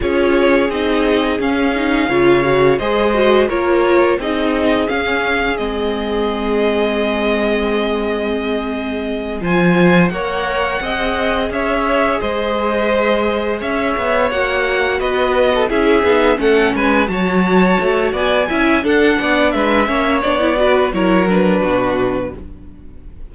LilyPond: <<
  \new Staff \with { instrumentName = "violin" } { \time 4/4 \tempo 4 = 86 cis''4 dis''4 f''2 | dis''4 cis''4 dis''4 f''4 | dis''1~ | dis''4. gis''4 fis''4.~ |
fis''8 e''4 dis''2 e''8~ | e''8 fis''4 dis''4 e''4 fis''8 | gis''8 a''4. gis''4 fis''4 | e''4 d''4 cis''8 b'4. | }
  \new Staff \with { instrumentName = "violin" } { \time 4/4 gis'2. cis''4 | c''4 ais'4 gis'2~ | gis'1~ | gis'4. c''4 cis''4 dis''8~ |
dis''8 cis''4 c''2 cis''8~ | cis''4. b'8. a'16 gis'4 a'8 | b'8 cis''4. d''8 e''8 a'8 d''8 | b'8 cis''4 b'8 ais'4 fis'4 | }
  \new Staff \with { instrumentName = "viola" } { \time 4/4 f'4 dis'4 cis'8 dis'8 f'8 fis'8 | gis'8 fis'8 f'4 dis'4 cis'4 | c'1~ | c'4. f'4 ais'4 gis'8~ |
gis'1~ | gis'8 fis'2 e'8 dis'8 cis'8~ | cis'8 fis'2 e'8 d'4~ | d'8 cis'8 d'16 e'16 fis'8 e'8 d'4. | }
  \new Staff \with { instrumentName = "cello" } { \time 4/4 cis'4 c'4 cis'4 cis4 | gis4 ais4 c'4 cis'4 | gis1~ | gis4. f4 ais4 c'8~ |
c'8 cis'4 gis2 cis'8 | b8 ais4 b4 cis'8 b8 a8 | gis8 fis4 a8 b8 cis'8 d'8 b8 | gis8 ais8 b4 fis4 b,4 | }
>>